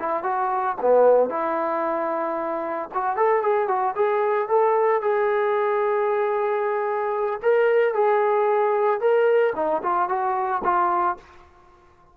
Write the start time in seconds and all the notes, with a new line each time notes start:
0.00 E4
0.23 F#4
0.82 B3
1.30 E4
2.94 F#4
3.17 A4
3.42 G#4
3.68 F#4
3.96 G#4
4.49 A4
5.02 G#4
7.43 A#4
7.95 G#4
9.00 A#4
9.56 D#4
9.83 F4
10.09 F#4
10.64 F4